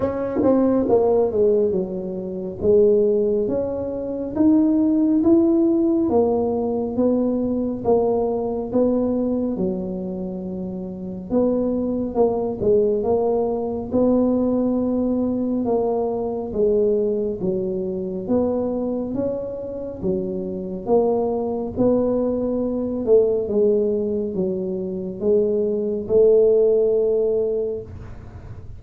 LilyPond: \new Staff \with { instrumentName = "tuba" } { \time 4/4 \tempo 4 = 69 cis'8 c'8 ais8 gis8 fis4 gis4 | cis'4 dis'4 e'4 ais4 | b4 ais4 b4 fis4~ | fis4 b4 ais8 gis8 ais4 |
b2 ais4 gis4 | fis4 b4 cis'4 fis4 | ais4 b4. a8 gis4 | fis4 gis4 a2 | }